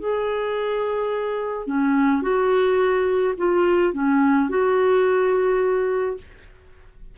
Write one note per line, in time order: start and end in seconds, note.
0.00 1.67 G#4
1.67 2.22 C#4
2.22 3.34 F#4
3.38 3.94 F4
3.94 4.50 C#4
4.50 6.18 F#4